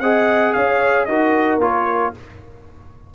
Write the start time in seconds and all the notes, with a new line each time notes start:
0.00 C4 G#4 D#5 F#5
0.53 C#4 C#5 F5
1.05 D#4 F#4 A#4 D#5
1.58 A#3 F4 C#5